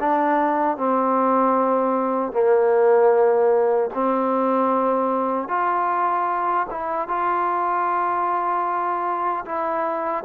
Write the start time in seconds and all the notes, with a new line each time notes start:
0.00 D4
0.78 C4
2.33 A#3
3.94 C4
5.49 F4
6.70 E4
7.08 F4
9.46 E4